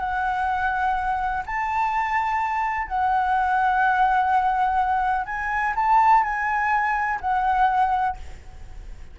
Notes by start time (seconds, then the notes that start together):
0.00 F#5
1.46 A5
2.88 F#5
5.26 G#5
5.76 A5
6.24 G#5
7.21 F#5